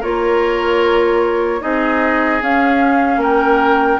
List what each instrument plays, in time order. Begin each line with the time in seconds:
0.00 bassoon A#3, clarinet F4, oboe A#4, flute C#5
1.60 bassoon C4, clarinet D#4, oboe G#4, flute D#5
2.41 bassoon C#4, clarinet C#4, flute F5
3.17 bassoon A#3, oboe A#4, flute G5